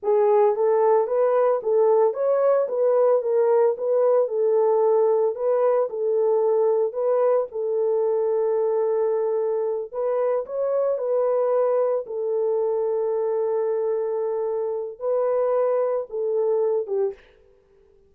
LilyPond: \new Staff \with { instrumentName = "horn" } { \time 4/4 \tempo 4 = 112 gis'4 a'4 b'4 a'4 | cis''4 b'4 ais'4 b'4 | a'2 b'4 a'4~ | a'4 b'4 a'2~ |
a'2~ a'8 b'4 cis''8~ | cis''8 b'2 a'4.~ | a'1 | b'2 a'4. g'8 | }